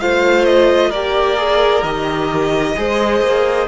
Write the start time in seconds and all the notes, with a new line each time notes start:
0.00 A3 F4 C5 F5
0.45 D#5
0.89 A#3 G4 A#4 D5
1.37 G#4
1.83 D#3 G4 D#5
2.77 G#3 G#4 C5
3.21 A#3